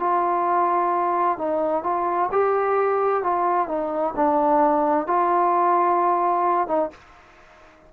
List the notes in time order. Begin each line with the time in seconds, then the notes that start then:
0.00 F4
1.38 D#4
1.83 F4
2.32 G4
3.23 F4
3.68 D#4
4.16 D4
5.07 F4
6.68 D#4